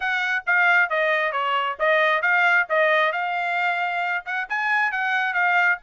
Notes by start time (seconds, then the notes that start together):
0.00 F#5
0.46 F5
0.89 D#5
1.32 C#5
1.79 D#5
2.22 F5
2.69 D#5
3.12 F5
4.25 F#5
4.49 G#5
4.91 F#5
5.33 F5